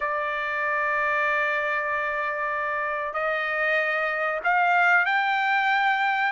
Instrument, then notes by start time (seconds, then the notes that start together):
trumpet
0.00 D5
3.13 D#5
4.44 F5
5.05 G5